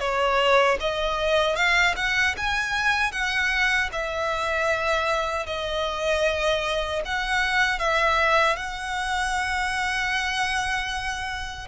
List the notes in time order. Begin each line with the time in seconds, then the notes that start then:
0.00 C#5
0.80 D#5
1.56 F5
1.97 F#5
2.37 G#5
3.12 F#5
3.92 E5
5.47 D#5
7.05 F#5
7.79 E5
8.56 F#5